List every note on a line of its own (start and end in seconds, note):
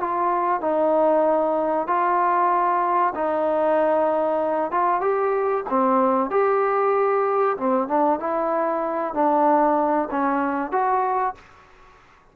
0.00 0.61 F4
0.61 1.87 D#4
1.87 3.13 F4
3.15 4.71 D#4
4.71 5.01 F4
5.01 5.64 G4
5.70 6.30 C4
6.30 7.56 G4
7.57 7.88 C4
7.88 8.20 D4
8.20 9.14 E4
9.14 10.09 D4
10.11 10.71 C#4
10.71 11.35 F#4